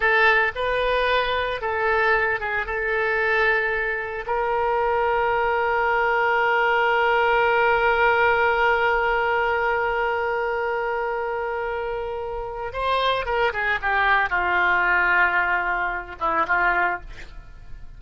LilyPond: \new Staff \with { instrumentName = "oboe" } { \time 4/4 \tempo 4 = 113 a'4 b'2 a'4~ | a'8 gis'8 a'2. | ais'1~ | ais'1~ |
ais'1~ | ais'1 | c''4 ais'8 gis'8 g'4 f'4~ | f'2~ f'8 e'8 f'4 | }